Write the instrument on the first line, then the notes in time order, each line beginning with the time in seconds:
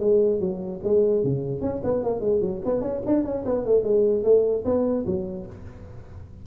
tuba
0.00 G#3
0.40 F#3
0.84 G#3
1.24 C#3
1.61 C#4
1.84 B3
2.04 A#3
2.21 G#3
2.41 F#3
2.65 B3
2.82 C#4
3.06 D4
3.25 C#4
3.46 B3
3.65 A3
3.84 G#3
4.24 A3
4.65 B3
5.06 F#3